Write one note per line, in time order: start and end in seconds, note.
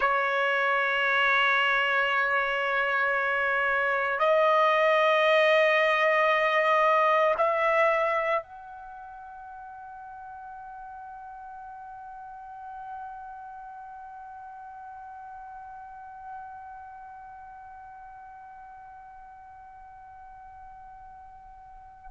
0.00 4.19 C#5
4.19 7.34 D#5
7.37 8.43 E5
8.43 22.11 F#5